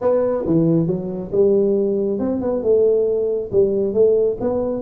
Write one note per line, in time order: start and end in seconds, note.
0.01 0.44 B3
0.46 0.87 E3
0.87 1.30 F#3
1.32 2.19 G3
2.19 2.41 C4
2.41 2.63 B3
2.63 3.50 A3
3.52 3.93 G3
3.93 4.37 A3
4.40 4.82 B3